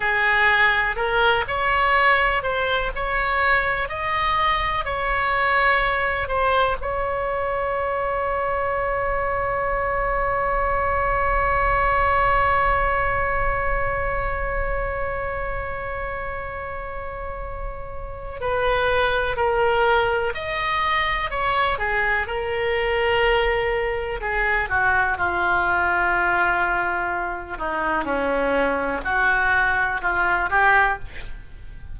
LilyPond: \new Staff \with { instrumentName = "oboe" } { \time 4/4 \tempo 4 = 62 gis'4 ais'8 cis''4 c''8 cis''4 | dis''4 cis''4. c''8 cis''4~ | cis''1~ | cis''1~ |
cis''2. b'4 | ais'4 dis''4 cis''8 gis'8 ais'4~ | ais'4 gis'8 fis'8 f'2~ | f'8 dis'8 cis'4 fis'4 f'8 g'8 | }